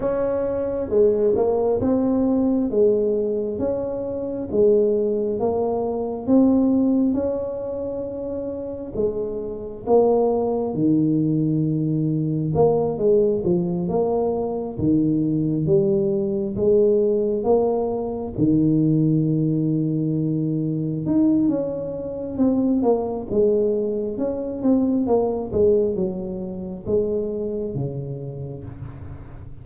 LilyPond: \new Staff \with { instrumentName = "tuba" } { \time 4/4 \tempo 4 = 67 cis'4 gis8 ais8 c'4 gis4 | cis'4 gis4 ais4 c'4 | cis'2 gis4 ais4 | dis2 ais8 gis8 f8 ais8~ |
ais8 dis4 g4 gis4 ais8~ | ais8 dis2. dis'8 | cis'4 c'8 ais8 gis4 cis'8 c'8 | ais8 gis8 fis4 gis4 cis4 | }